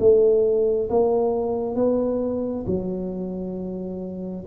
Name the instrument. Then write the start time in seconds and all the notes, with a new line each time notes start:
tuba
0.00 A3
0.90 A#3
1.76 B3
2.67 F#3